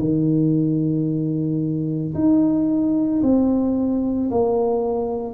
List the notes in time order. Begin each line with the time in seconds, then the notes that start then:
0.00 D#3
2.14 D#4
3.23 C4
4.31 A#3